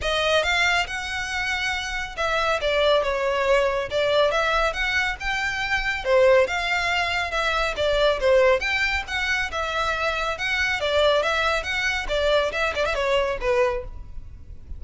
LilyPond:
\new Staff \with { instrumentName = "violin" } { \time 4/4 \tempo 4 = 139 dis''4 f''4 fis''2~ | fis''4 e''4 d''4 cis''4~ | cis''4 d''4 e''4 fis''4 | g''2 c''4 f''4~ |
f''4 e''4 d''4 c''4 | g''4 fis''4 e''2 | fis''4 d''4 e''4 fis''4 | d''4 e''8 d''16 e''16 cis''4 b'4 | }